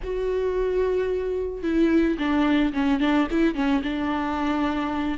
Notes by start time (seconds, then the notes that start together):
0.03 F#4
1.62 E4
2.18 D4
2.73 C#4
3.00 D4
3.30 E4
3.54 C#4
3.83 D4